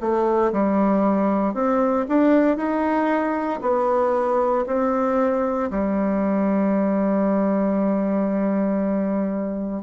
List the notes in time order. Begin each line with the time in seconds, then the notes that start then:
0.00 A3
0.52 G3
1.54 C4
2.08 D4
2.57 D#4
3.62 B3
4.66 C4
5.70 G3